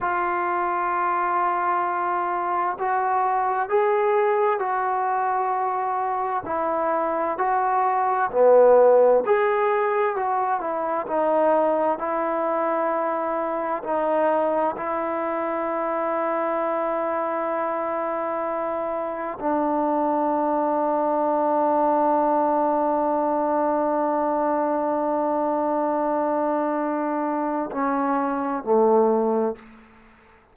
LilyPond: \new Staff \with { instrumentName = "trombone" } { \time 4/4 \tempo 4 = 65 f'2. fis'4 | gis'4 fis'2 e'4 | fis'4 b4 gis'4 fis'8 e'8 | dis'4 e'2 dis'4 |
e'1~ | e'4 d'2.~ | d'1~ | d'2 cis'4 a4 | }